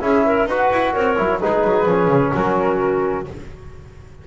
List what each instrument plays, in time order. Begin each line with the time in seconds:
0.00 double bass C#4, trombone E4, clarinet G#4, flute E5
0.25 clarinet A#4
0.46 double bass D#4, trombone F#4, clarinet B4, flute F#5
0.71 double bass E4
0.92 double bass C4, clarinet A#4, flute C#5
1.16 double bass F#3, trombone E4
1.40 double bass G#3, trombone D#4, clarinet G#4, flute B4
1.64 double bass F#3
1.85 double bass F3, trombone C#4
2.07 double bass C#3
2.32 double bass F#3, clarinet F#4, flute A#4